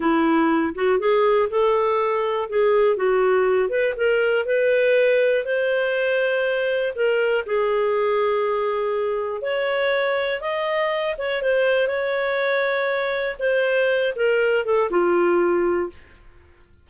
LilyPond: \new Staff \with { instrumentName = "clarinet" } { \time 4/4 \tempo 4 = 121 e'4. fis'8 gis'4 a'4~ | a'4 gis'4 fis'4. b'8 | ais'4 b'2 c''4~ | c''2 ais'4 gis'4~ |
gis'2. cis''4~ | cis''4 dis''4. cis''8 c''4 | cis''2. c''4~ | c''8 ais'4 a'8 f'2 | }